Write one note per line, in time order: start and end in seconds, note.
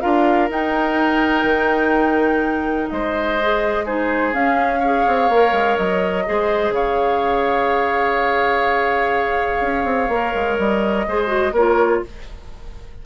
0.00 0.49 D4
0.00 0.49 F4
0.00 2.89 A#4
0.00 0.48 F5
0.49 1.43 D#4
0.49 3.39 D#4
0.49 2.89 G5
1.43 2.87 D#3
2.89 4.32 G#3
2.89 3.85 C5
2.89 3.85 D#5
3.41 3.86 G#4
3.85 4.33 D#4
3.85 4.79 G#4
3.85 4.33 C5
4.32 5.04 C#4
4.32 4.81 C#4
4.32 5.77 F5
4.79 5.31 G#4
4.79 6.23 C#5
5.07 5.29 C4
5.29 5.52 A#3
5.29 6.26 A#4
5.52 5.76 G#3
5.77 6.26 F#3
5.77 6.73 D#5
6.26 6.70 G#3
6.26 10.10 G#4
6.26 6.74 C5
6.70 9.58 C#3
6.70 11.06 C#5
6.70 10.58 F5
9.60 9.84 C#4
9.84 10.08 C4
10.08 10.32 A#3
10.08 11.07 A#4
10.34 10.58 G#3
10.58 11.06 G3
10.58 11.54 D#5
11.07 11.52 G#3
11.07 11.26 G#4
11.07 11.53 C5
11.26 11.50 F#4
11.52 12.00 A#3
11.52 12.05 F4
11.52 12.01 A#4
11.52 12.03 C#5